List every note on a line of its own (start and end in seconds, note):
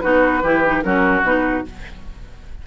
0.00 0.43 B3
0.00 0.43 D#4
0.00 0.43 F#4
0.00 0.82 B4
0.43 0.84 E3
0.43 0.64 E4
0.43 0.83 G4
0.65 0.83 D#4
0.82 1.22 F#3
0.82 1.23 C#4
0.82 1.66 F#4
0.82 1.23 A#4
1.22 1.63 B2
1.22 1.65 D#4
1.22 1.66 B4